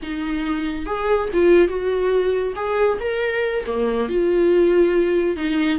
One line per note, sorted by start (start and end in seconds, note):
0.02 0.86 D#4
0.86 1.29 G#4
1.33 1.68 F4
1.68 2.53 F#4
2.55 2.98 G#4
2.99 3.64 A#4
3.66 4.08 A#3
4.08 5.36 F4
5.36 5.79 D#4